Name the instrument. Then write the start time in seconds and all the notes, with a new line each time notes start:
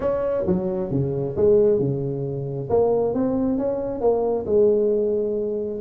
tuba
0.00 C#4
0.47 F#3
0.90 C#3
1.36 G#3
1.79 C#3
2.69 A#3
3.13 C4
3.58 C#4
4.01 A#3
4.46 G#3